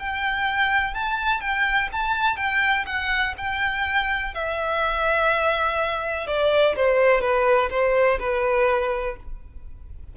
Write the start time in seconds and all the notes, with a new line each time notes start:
0.00 G5
0.95 A5
1.41 G5
1.93 A5
2.37 G5
2.87 F#5
3.38 G5
4.35 E5
6.27 D5
6.76 C5
7.21 B4
7.71 C5
8.20 B4